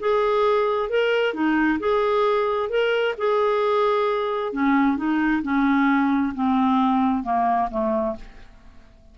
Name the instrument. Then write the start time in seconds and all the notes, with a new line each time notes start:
clarinet
0.00 G#4
0.90 A#4
1.34 D#4
1.79 G#4
2.69 A#4
3.18 G#4
4.52 C#4
4.97 D#4
5.43 C#4
6.35 C4
7.24 A#3
7.71 A3